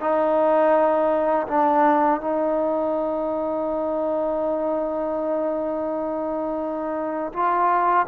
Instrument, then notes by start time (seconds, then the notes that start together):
trombone
0.00 D#4
1.47 D4
2.20 D#4
7.33 F4